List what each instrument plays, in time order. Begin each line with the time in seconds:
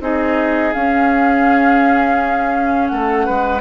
0.00 bassoon C4, clarinet D#4, oboe G#4, flute D#5
0.73 clarinet C#4, bassoon C#4, flute F5
2.87 bassoon A3, oboe A4, flute F#5
3.25 bassoon G#3, oboe B4